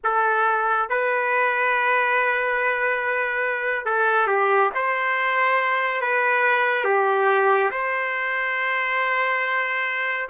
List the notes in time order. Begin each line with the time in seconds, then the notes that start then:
0.04 A4
0.89 B4
3.85 A4
4.27 G4
4.75 C5
6.01 B4
6.84 G4
7.70 C5